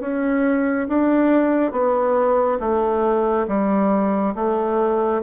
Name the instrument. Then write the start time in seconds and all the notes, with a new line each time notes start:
bassoon
0.00 C#4
0.88 D4
1.72 B3
2.60 A3
3.47 G3
4.35 A3